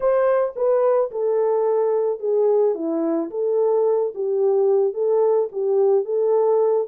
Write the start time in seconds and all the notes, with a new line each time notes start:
0.00 C5
0.56 B4
1.11 A4
2.19 G#4
2.74 E4
3.30 A4
4.14 G4
4.93 A4
5.52 G4
6.05 A4